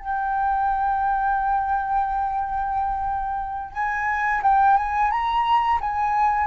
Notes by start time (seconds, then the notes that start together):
0.00 G5
3.73 G#5
4.43 G5
4.78 G#5
5.11 A#5
5.81 G#5